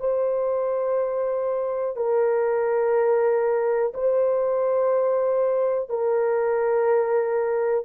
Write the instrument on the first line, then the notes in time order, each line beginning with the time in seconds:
horn
0.00 C5
1.96 A#4
3.94 C5
5.90 A#4